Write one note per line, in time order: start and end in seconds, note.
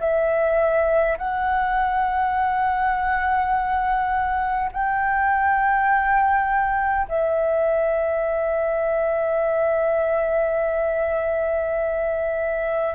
0.00 1.18 E5
1.18 4.71 F#5
4.72 7.07 G5
7.08 12.95 E5